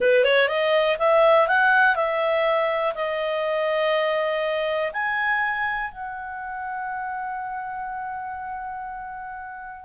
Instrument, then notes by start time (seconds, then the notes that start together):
clarinet
0.00 B4
0.24 C#5
0.48 D#5
0.98 E5
1.48 F#5
1.95 E5
2.94 D#5
4.92 G#5
5.91 F#5